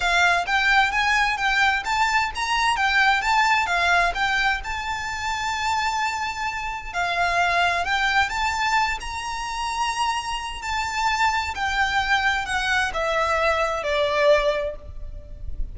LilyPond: \new Staff \with { instrumentName = "violin" } { \time 4/4 \tempo 4 = 130 f''4 g''4 gis''4 g''4 | a''4 ais''4 g''4 a''4 | f''4 g''4 a''2~ | a''2. f''4~ |
f''4 g''4 a''4. ais''8~ | ais''2. a''4~ | a''4 g''2 fis''4 | e''2 d''2 | }